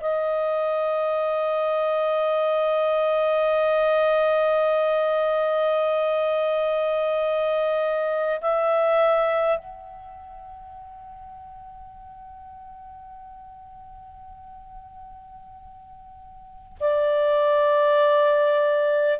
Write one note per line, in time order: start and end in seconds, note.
0.00 8.40 D#5
8.41 9.58 E5
9.58 16.78 F#5
16.79 19.19 D5